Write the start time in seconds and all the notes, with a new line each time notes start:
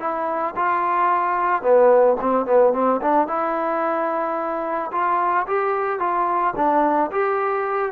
0.00 E4
0.56 F4
1.62 B3
2.20 C4
2.46 B3
2.73 C4
3.01 D4
3.27 E4
4.92 F4
5.47 G4
5.99 F4
6.56 D4
7.11 G4